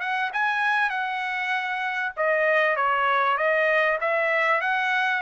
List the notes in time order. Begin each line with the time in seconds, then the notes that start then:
0.00 F#5
0.33 G#5
0.90 F#5
2.16 D#5
2.76 C#5
3.37 D#5
4.00 E5
4.61 F#5